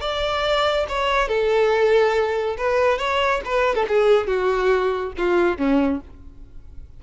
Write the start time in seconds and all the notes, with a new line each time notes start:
0.00 D5
0.88 C#5
1.28 A4
2.57 B4
2.98 C#5
3.44 B4
3.75 A4
3.88 G#4
4.27 F#4
5.17 F4
5.57 C#4